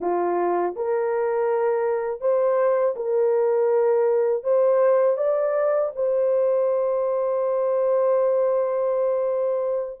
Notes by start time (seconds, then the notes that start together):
0.00 F4
0.76 A#4
2.20 C5
2.96 A#4
4.43 C5
5.17 D5
5.95 C5